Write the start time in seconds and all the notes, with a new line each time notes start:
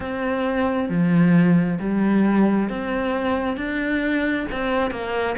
0.00 C4
0.89 F3
1.79 G3
2.69 C4
3.56 D4
4.51 C4
4.90 A#3